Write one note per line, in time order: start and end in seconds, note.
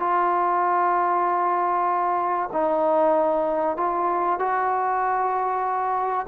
0.00 2.50 F4
2.53 3.77 D#4
3.77 4.39 F4
4.39 6.27 F#4